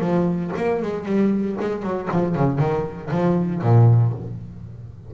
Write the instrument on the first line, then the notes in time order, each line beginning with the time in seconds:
double bass
0.00 F3
0.56 A#3
0.82 G#3
1.05 G3
1.60 G#3
1.83 F#3
2.11 F3
2.35 C#3
2.59 D#3
3.11 F3
3.62 A#2